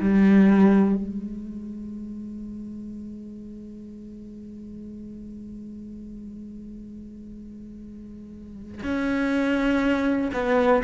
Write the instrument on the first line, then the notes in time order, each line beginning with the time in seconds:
cello
0.00 G3
0.95 G#3
8.83 C#4
10.33 B3